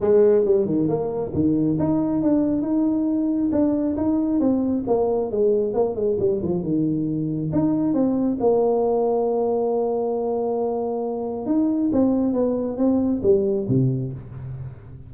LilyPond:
\new Staff \with { instrumentName = "tuba" } { \time 4/4 \tempo 4 = 136 gis4 g8 dis8 ais4 dis4 | dis'4 d'4 dis'2 | d'4 dis'4 c'4 ais4 | gis4 ais8 gis8 g8 f8 dis4~ |
dis4 dis'4 c'4 ais4~ | ais1~ | ais2 dis'4 c'4 | b4 c'4 g4 c4 | }